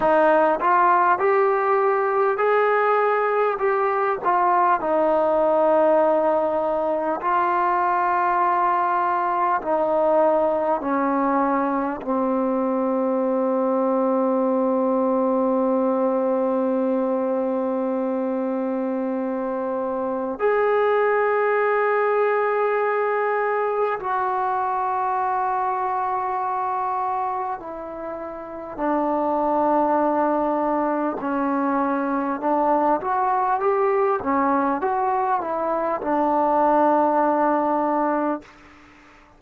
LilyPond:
\new Staff \with { instrumentName = "trombone" } { \time 4/4 \tempo 4 = 50 dis'8 f'8 g'4 gis'4 g'8 f'8 | dis'2 f'2 | dis'4 cis'4 c'2~ | c'1~ |
c'4 gis'2. | fis'2. e'4 | d'2 cis'4 d'8 fis'8 | g'8 cis'8 fis'8 e'8 d'2 | }